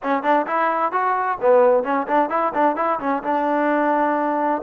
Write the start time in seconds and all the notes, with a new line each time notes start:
0.02 C#4
0.23 D4
0.47 E4
0.91 F#4
1.41 B3
1.83 C#4
2.07 D4
2.29 E4
2.54 D4
2.76 E4
2.99 C#4
3.23 D4